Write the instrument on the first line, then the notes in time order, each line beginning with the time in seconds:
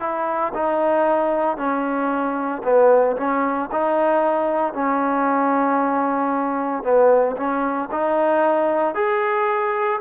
trombone
0.00 E4
0.54 D#4
1.57 C#4
2.64 B3
3.17 C#4
3.72 D#4
4.74 C#4
6.84 B3
7.37 C#4
7.91 D#4
8.95 G#4